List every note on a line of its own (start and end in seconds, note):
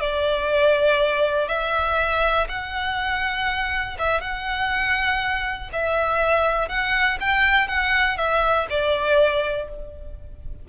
0.00 1.48 D5
1.48 2.47 E5
2.48 3.97 F#5
3.98 4.21 E5
4.21 5.70 F#5
5.72 6.68 E5
6.68 7.18 F#5
7.20 7.67 G5
7.67 8.17 F#5
8.18 8.67 E5
8.70 9.69 D5